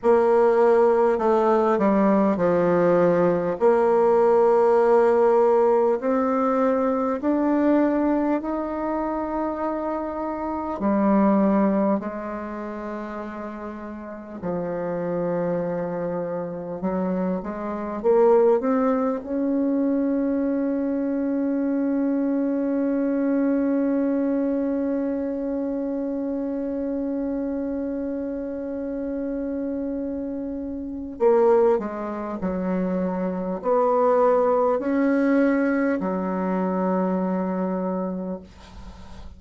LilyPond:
\new Staff \with { instrumentName = "bassoon" } { \time 4/4 \tempo 4 = 50 ais4 a8 g8 f4 ais4~ | ais4 c'4 d'4 dis'4~ | dis'4 g4 gis2 | f2 fis8 gis8 ais8 c'8 |
cis'1~ | cis'1~ | cis'2 ais8 gis8 fis4 | b4 cis'4 fis2 | }